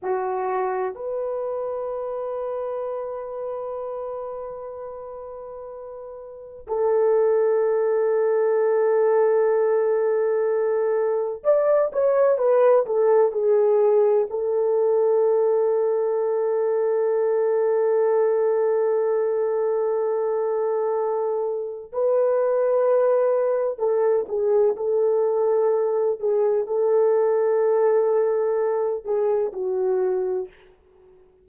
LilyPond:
\new Staff \with { instrumentName = "horn" } { \time 4/4 \tempo 4 = 63 fis'4 b'2.~ | b'2. a'4~ | a'1 | d''8 cis''8 b'8 a'8 gis'4 a'4~ |
a'1~ | a'2. b'4~ | b'4 a'8 gis'8 a'4. gis'8 | a'2~ a'8 gis'8 fis'4 | }